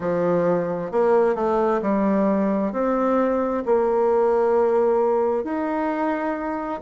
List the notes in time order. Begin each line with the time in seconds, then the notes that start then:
0.00 F3
0.91 A#3
1.35 A3
1.81 G3
2.72 C4
3.65 A#3
5.43 D#4